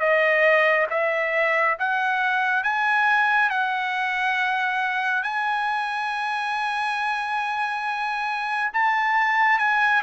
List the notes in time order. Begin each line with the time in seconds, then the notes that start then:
0.00 D#5
0.91 E5
1.79 F#5
2.64 G#5
3.50 F#5
5.23 G#5
8.74 A5
9.59 G#5